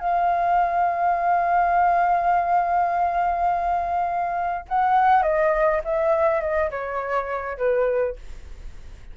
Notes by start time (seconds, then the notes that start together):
0.00 F5
4.69 F#5
5.23 D#5
5.85 E5
6.41 D#5
6.71 C#5
7.58 B4